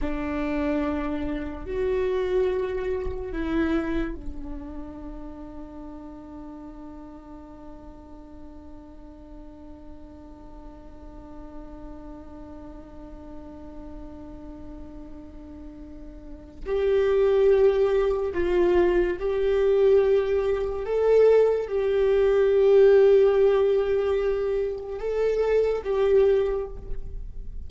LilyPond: \new Staff \with { instrumentName = "viola" } { \time 4/4 \tempo 4 = 72 d'2 fis'2 | e'4 d'2.~ | d'1~ | d'1~ |
d'1 | g'2 f'4 g'4~ | g'4 a'4 g'2~ | g'2 a'4 g'4 | }